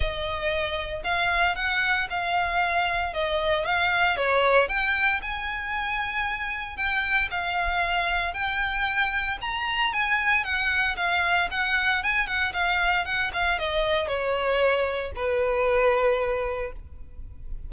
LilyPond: \new Staff \with { instrumentName = "violin" } { \time 4/4 \tempo 4 = 115 dis''2 f''4 fis''4 | f''2 dis''4 f''4 | cis''4 g''4 gis''2~ | gis''4 g''4 f''2 |
g''2 ais''4 gis''4 | fis''4 f''4 fis''4 gis''8 fis''8 | f''4 fis''8 f''8 dis''4 cis''4~ | cis''4 b'2. | }